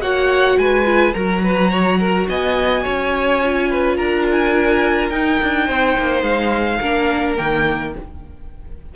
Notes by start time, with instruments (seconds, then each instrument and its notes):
0.00 cello A#3, viola F#4, violin C#5 F#5
0.57 cello G#3, violin B4 G#5
0.85 viola F4
1.14 cello F#3, viola F#4, violin A#4 A#5
1.43 violin B4
1.70 violin C#5
1.99 violin A#4
2.28 cello B3, violin D#5 G#5
2.83 cello C#4, violin C#5
3.42 viola F4
3.70 violin B4
3.96 cello D4, violin A#4 A#5
4.31 violin G#5
5.09 cello D#4, viola D#4, violin G5
5.42 cello D4
5.66 cello C4, violin C5
5.98 cello A#3
6.22 cello G#3, violin F5
6.81 cello A#3, viola D4, violin A#4
7.37 cello D#3, viola A#3, violin G5